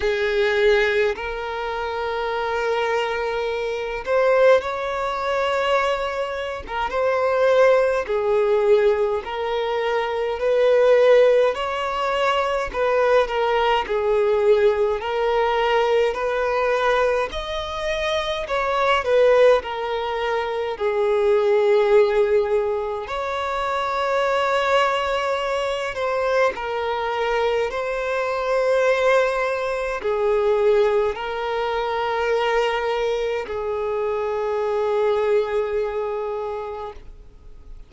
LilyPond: \new Staff \with { instrumentName = "violin" } { \time 4/4 \tempo 4 = 52 gis'4 ais'2~ ais'8 c''8 | cis''4.~ cis''16 ais'16 c''4 gis'4 | ais'4 b'4 cis''4 b'8 ais'8 | gis'4 ais'4 b'4 dis''4 |
cis''8 b'8 ais'4 gis'2 | cis''2~ cis''8 c''8 ais'4 | c''2 gis'4 ais'4~ | ais'4 gis'2. | }